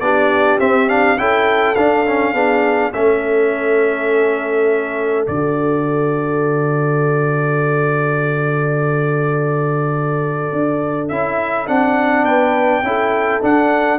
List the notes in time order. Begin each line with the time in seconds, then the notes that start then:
0.00 B3 D4 G4 D5
0.59 C4 E5
0.88 D4 F5
1.17 C#4 E4 A4 G5
1.75 D4 F5
2.07 C#4
2.33 B3 D4 G#4
2.93 A3 C#4 A4 E5
5.27 D3 F#4 D5
10.52 D4
11.08 C#4 E4 E5
11.67 C4 D4 F#5
12.23 B3 B4 G5
12.82 C#4 E4 A4
13.41 D4 F#5